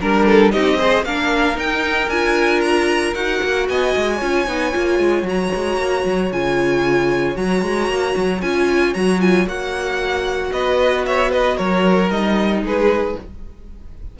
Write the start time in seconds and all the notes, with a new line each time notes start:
0.00 G3 D4 A#4
0.26 A4
0.51 C4 D#4 G4 D#5
0.78 G#4 C5
1.04 A#3 D4 A#4 F5
1.55 D#4 G5
2.08 D4 F4 G#5
2.61 A#5
3.14 D#4 F#4 F#5
3.43 A#3
3.68 B3 D#5 G#5
3.96 G#3
4.16 C#4 F4 C#5
4.47 B3 D#4
4.72 A#3 F4
4.99 G#3
5.22 F#3 F#4
5.29 A#5
5.55 G#3
5.77 A#3
6.05 F#3
6.31 C#3 F4 G#5
7.34 F#3 F#4 A#5
7.62 G#3
7.88 A#3
8.16 F#3
8.41 C#4 F4 G#5
8.94 F#3 F#4 A#5
9.20 F4 G#5
9.46 A#3 F#4 F#5
10.52 B3 B4 D#5
11.05 C#5 E5
11.31 B4 D#5
11.57 F#3 A#4 C#5
12.10 G3 D#4 D#5
12.62 G#3 G#4 B4